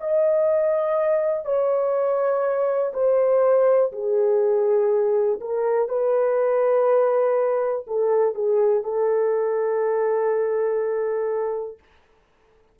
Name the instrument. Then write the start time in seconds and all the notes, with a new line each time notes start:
horn
0.00 D#5
1.45 C#5
2.93 C5
3.92 G#4
5.40 A#4
5.88 B4
7.86 A4
8.34 G#4
8.83 A4